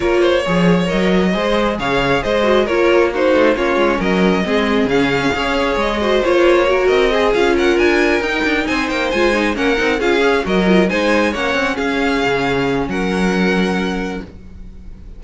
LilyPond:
<<
  \new Staff \with { instrumentName = "violin" } { \time 4/4 \tempo 4 = 135 cis''2 dis''2 | f''4 dis''4 cis''4 c''4 | cis''4 dis''2 f''4~ | f''4 dis''4 cis''4. dis''8~ |
dis''8 f''8 fis''8 gis''4 g''4 gis''8 | g''8 gis''4 fis''4 f''4 dis''8~ | dis''8 gis''4 fis''4 f''4.~ | f''4 fis''2. | }
  \new Staff \with { instrumentName = "violin" } { \time 4/4 ais'8 c''8 cis''2 c''4 | cis''4 c''4 ais'4 fis'4 | f'4 ais'4 gis'2 | cis''4. c''4. ais'4 |
gis'4 ais'2~ ais'8 c''8~ | c''4. ais'4 gis'4 ais'8~ | ais'8 c''4 cis''4 gis'4.~ | gis'4 ais'2. | }
  \new Staff \with { instrumentName = "viola" } { \time 4/4 f'4 gis'4 ais'4 gis'4~ | gis'4. fis'8 f'4 dis'4 | cis'2 c'4 cis'4 | gis'4. fis'8 f'4 fis'4 |
gis'8 f'2 dis'4.~ | dis'8 f'8 dis'8 cis'8 dis'8 f'8 gis'8 fis'8 | f'8 dis'4 cis'2~ cis'8~ | cis'1 | }
  \new Staff \with { instrumentName = "cello" } { \time 4/4 ais4 f4 fis4 gis4 | cis4 gis4 ais4. a8 | ais8 gis8 fis4 gis4 cis4 | cis'4 gis4 ais4. c'8~ |
c'8 cis'4 d'4 dis'8 d'8 c'8 | ais8 gis4 ais8 c'8 cis'4 fis8~ | fis8 gis4 ais8 c'8 cis'4 cis8~ | cis4 fis2. | }
>>